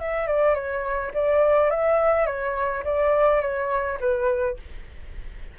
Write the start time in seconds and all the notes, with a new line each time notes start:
0.00 E5
0.28 D5
0.55 C#5
1.14 D5
1.71 E5
2.27 C#5
2.85 D5
3.42 C#5
4.01 B4